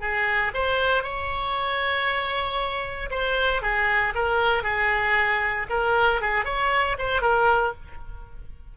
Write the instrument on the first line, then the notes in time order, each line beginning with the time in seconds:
oboe
0.00 G#4
0.53 C5
1.03 C#5
3.10 C5
3.61 G#4
4.14 A#4
4.63 G#4
5.69 A#4
6.21 G#4
6.44 C#5
6.98 C5
7.21 A#4